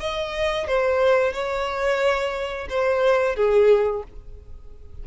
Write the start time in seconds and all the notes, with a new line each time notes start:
0.00 D#5
0.67 C5
1.33 C#5
2.70 C5
3.36 G#4